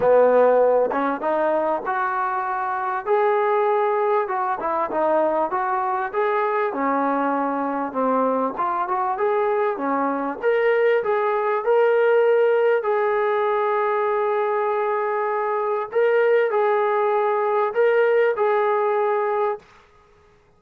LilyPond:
\new Staff \with { instrumentName = "trombone" } { \time 4/4 \tempo 4 = 98 b4. cis'8 dis'4 fis'4~ | fis'4 gis'2 fis'8 e'8 | dis'4 fis'4 gis'4 cis'4~ | cis'4 c'4 f'8 fis'8 gis'4 |
cis'4 ais'4 gis'4 ais'4~ | ais'4 gis'2.~ | gis'2 ais'4 gis'4~ | gis'4 ais'4 gis'2 | }